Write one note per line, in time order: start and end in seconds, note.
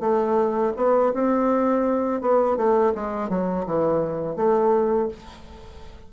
0.00 0.72 A3
0.77 1.13 B3
1.13 2.21 C4
2.21 2.57 B3
2.57 2.93 A3
2.95 3.29 G#3
3.29 3.65 F#3
3.66 4.36 E3
4.36 5.08 A3